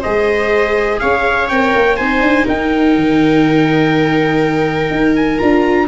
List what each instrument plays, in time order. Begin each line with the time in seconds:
0.00 tuba G#3, viola G#4 C5, trumpet D#5
0.99 tuba C#4, viola C#5, trumpet F5
1.49 tuba C4, viola A#4, trumpet G5
1.75 tuba A#3
1.97 tuba C4, viola D#4 C5, trumpet G#5
2.21 tuba D4
2.45 tuba D#4, viola A#4, trumpet G5
2.96 tuba D#3
4.91 tuba D#4
5.16 trumpet G#5
5.38 tuba D4, viola F4, trumpet A#5